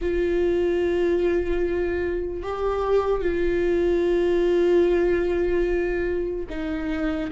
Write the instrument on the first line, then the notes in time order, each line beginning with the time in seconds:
viola
0.01 F4
2.43 G4
3.21 F4
6.49 D#4